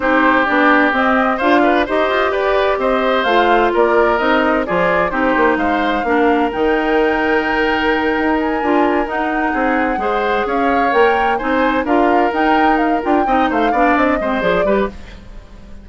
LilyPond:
<<
  \new Staff \with { instrumentName = "flute" } { \time 4/4 \tempo 4 = 129 c''4 d''4 dis''4 f''4 | dis''4 d''4 dis''4 f''4 | d''4 dis''4 d''4 c''4 | f''2 g''2~ |
g''2 gis''4. fis''8~ | fis''2~ fis''8 f''4 g''8~ | g''8 gis''4 f''4 g''4 f''8 | g''4 f''4 dis''4 d''4 | }
  \new Staff \with { instrumentName = "oboe" } { \time 4/4 g'2. c''8 b'8 | c''4 b'4 c''2 | ais'2 gis'4 g'4 | c''4 ais'2.~ |
ais'1~ | ais'8 gis'4 c''4 cis''4.~ | cis''8 c''4 ais'2~ ais'8~ | ais'8 dis''8 c''8 d''4 c''4 b'8 | }
  \new Staff \with { instrumentName = "clarinet" } { \time 4/4 dis'4 d'4 c'4 f'4 | g'2. f'4~ | f'4 dis'4 f'4 dis'4~ | dis'4 d'4 dis'2~ |
dis'2~ dis'8 f'4 dis'8~ | dis'4. gis'2 ais'8~ | ais'8 dis'4 f'4 dis'4. | f'8 dis'4 d'4 c'8 gis'8 g'8 | }
  \new Staff \with { instrumentName = "bassoon" } { \time 4/4 c'4 b4 c'4 d'4 | dis'8 f'8 g'4 c'4 a4 | ais4 c'4 f4 c'8 ais8 | gis4 ais4 dis2~ |
dis4. dis'4 d'4 dis'8~ | dis'8 c'4 gis4 cis'4 ais8~ | ais8 c'4 d'4 dis'4. | d'8 c'8 a8 b8 c'8 gis8 f8 g8 | }
>>